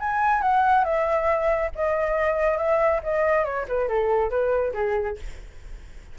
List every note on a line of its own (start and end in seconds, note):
0.00 0.42 G#5
0.42 0.85 F#5
0.85 1.71 E5
1.76 2.58 D#5
2.58 3.01 E5
3.03 3.45 D#5
3.45 3.66 C#5
3.68 3.88 B4
3.88 4.30 A4
4.30 4.73 B4
4.74 5.17 G#4